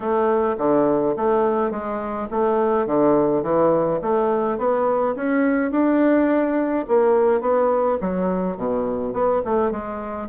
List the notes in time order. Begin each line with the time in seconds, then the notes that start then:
0.00 A3
0.58 D3
1.16 A3
1.70 G#3
2.30 A3
2.86 D3
3.43 E3
4.01 A3
4.57 B3
5.15 C#4
5.71 D4
6.88 A#3
7.41 B3
8.01 F#3
8.56 B2
9.13 B3
9.44 A3
9.71 G#3